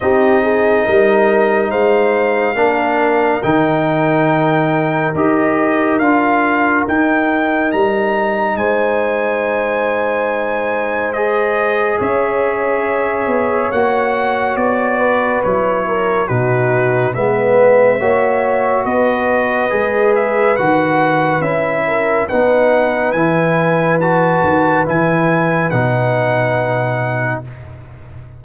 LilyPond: <<
  \new Staff \with { instrumentName = "trumpet" } { \time 4/4 \tempo 4 = 70 dis''2 f''2 | g''2 dis''4 f''4 | g''4 ais''4 gis''2~ | gis''4 dis''4 e''2 |
fis''4 d''4 cis''4 b'4 | e''2 dis''4. e''8 | fis''4 e''4 fis''4 gis''4 | a''4 gis''4 fis''2 | }
  \new Staff \with { instrumentName = "horn" } { \time 4/4 g'8 gis'8 ais'4 c''4 ais'4~ | ais'1~ | ais'2 c''2~ | c''2 cis''2~ |
cis''4. b'4 ais'8 fis'4 | b'4 cis''4 b'2~ | b'4. ais'8 b'2~ | b'1 | }
  \new Staff \with { instrumentName = "trombone" } { \time 4/4 dis'2. d'4 | dis'2 g'4 f'4 | dis'1~ | dis'4 gis'2. |
fis'2 e'4 dis'4 | b4 fis'2 gis'4 | fis'4 e'4 dis'4 e'4 | fis'4 e'4 dis'2 | }
  \new Staff \with { instrumentName = "tuba" } { \time 4/4 c'4 g4 gis4 ais4 | dis2 dis'4 d'4 | dis'4 g4 gis2~ | gis2 cis'4. b8 |
ais4 b4 fis4 b,4 | gis4 ais4 b4 gis4 | dis4 cis'4 b4 e4~ | e8 dis8 e4 b,2 | }
>>